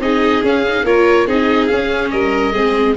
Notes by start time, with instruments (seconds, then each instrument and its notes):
0.00 tuba C4, viola D#4, violin G#4, oboe D#5
0.43 viola C#4, tuba C#4, oboe F5
0.68 viola D#4
0.84 tuba A#3, viola F4, violin A#4, oboe C#5
1.27 tuba C4, viola D#4, violin G#4, oboe D#5
1.67 viola C#4, tuba C#4, oboe F5
2.11 tuba G3, violin A#4, oboe D#5
2.53 tuba G#3, viola C4, violin G#4